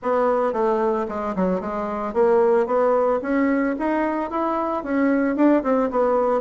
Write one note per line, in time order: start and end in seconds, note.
0.02 0.52 B3
0.52 1.06 A3
1.08 1.35 G#3
1.35 1.60 F#3
1.60 2.13 G#3
2.13 2.66 A#3
2.66 3.20 B3
3.21 3.75 C#4
3.79 4.30 D#4
4.30 4.83 E4
4.83 5.35 C#4
5.35 5.62 D4
5.63 5.90 C4
5.90 6.41 B3